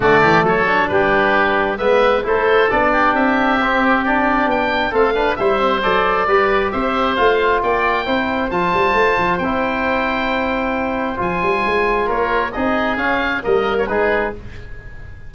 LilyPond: <<
  \new Staff \with { instrumentName = "oboe" } { \time 4/4 \tempo 4 = 134 d''4 cis''4 b'2 | e''4 c''4 d''4 e''4~ | e''4 d''4 g''4 f''4 | e''4 d''2 e''4 |
f''4 g''2 a''4~ | a''4 g''2.~ | g''4 gis''2 cis''4 | dis''4 f''4 dis''8. cis''16 b'4 | }
  \new Staff \with { instrumentName = "oboe" } { \time 4/4 fis'8 g'8 a'4 g'2 | b'4 a'4. g'4.~ | g'2. a'8 b'8 | c''2 b'4 c''4~ |
c''4 d''4 c''2~ | c''1~ | c''2. ais'4 | gis'2 ais'4 gis'4 | }
  \new Staff \with { instrumentName = "trombone" } { \time 4/4 a4. d'2~ d'8 | b4 e'4 d'2 | c'4 d'2 c'8 d'8 | e'8 c'8 a'4 g'2 |
f'2 e'4 f'4~ | f'4 e'2.~ | e'4 f'2. | dis'4 cis'4 ais4 dis'4 | }
  \new Staff \with { instrumentName = "tuba" } { \time 4/4 d8 e8 fis4 g2 | gis4 a4 b4 c'4~ | c'2 b4 a4 | g4 fis4 g4 c'4 |
a4 ais4 c'4 f8 g8 | a8 f8 c'2.~ | c'4 f8 g8 gis4 ais4 | c'4 cis'4 g4 gis4 | }
>>